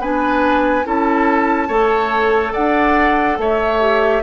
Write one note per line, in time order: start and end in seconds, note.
0.00 0.85 B3
0.00 0.84 D4
0.00 0.86 B4
0.00 0.86 G#5
0.84 1.69 C#4
0.84 1.69 E4
0.84 1.68 A4
0.84 2.54 A5
1.68 2.54 A3
1.68 3.80 A4
1.68 2.53 C#5
2.53 3.38 D4
2.53 3.37 D5
2.53 3.39 F#5
3.38 4.23 A3
3.38 4.23 C#5
3.38 4.23 E5
3.80 4.23 G4